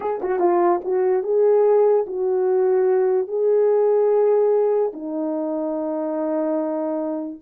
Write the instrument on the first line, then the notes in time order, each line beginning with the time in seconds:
horn
0.00 G#4
0.21 F#4
0.39 F4
0.84 F#4
1.23 G#4
2.07 F#4
3.27 G#4
4.93 D#4